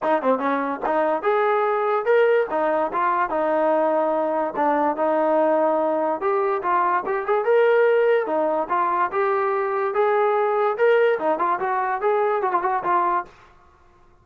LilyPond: \new Staff \with { instrumentName = "trombone" } { \time 4/4 \tempo 4 = 145 dis'8 c'8 cis'4 dis'4 gis'4~ | gis'4 ais'4 dis'4 f'4 | dis'2. d'4 | dis'2. g'4 |
f'4 g'8 gis'8 ais'2 | dis'4 f'4 g'2 | gis'2 ais'4 dis'8 f'8 | fis'4 gis'4 fis'16 f'16 fis'8 f'4 | }